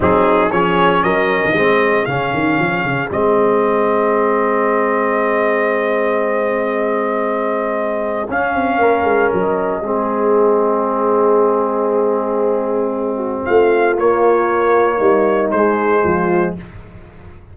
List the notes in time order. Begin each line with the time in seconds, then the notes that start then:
0.00 F#3 C4 D#4 G#4
0.51 F3 C#4 G#4 C#5
1.03 F#3 A#4 D#5
1.44 D#3
1.53 G#3 C4 G#4
2.05 C#3 C#4 F5
2.33 D#3
2.59 F3
2.84 C#3
3.10 G#3 C4 D#5
8.28 C#4 F5
8.54 C4
8.78 A#3 A#4
9.03 G#3
9.32 F#3 D#5
9.81 G#3 C4 G#4
13.16 F#4
13.44 A3 F4 F5
13.98 A#3 C#5
14.97 G3 D#4
15.50 G#3 C5
16.03 F3 F4